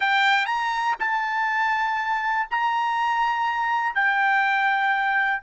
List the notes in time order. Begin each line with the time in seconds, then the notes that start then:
0.00 G5
0.46 A#5
0.99 A5
2.50 A#5
3.94 G5